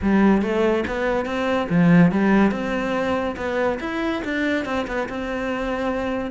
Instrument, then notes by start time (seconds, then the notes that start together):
cello
0.01 G3
0.41 A3
0.87 B3
1.25 C4
1.69 F3
2.11 G3
2.51 C4
3.36 B3
3.80 E4
4.24 D4
4.65 C4
4.87 B3
5.08 C4